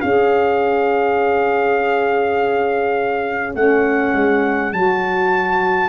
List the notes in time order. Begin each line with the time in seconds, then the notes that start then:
0.00 C#4 G#4 C#5 F5
3.54 A3 C#4 F#5
4.13 G#3
4.72 F#3 F#4 A5